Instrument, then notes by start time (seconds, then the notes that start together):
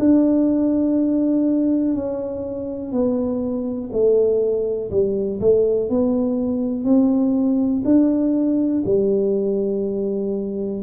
tuba
0.00 D4
1.95 C#4
2.92 B3
3.93 A3
4.91 G3
5.41 A3
5.90 B3
6.85 C4
7.85 D4
8.86 G3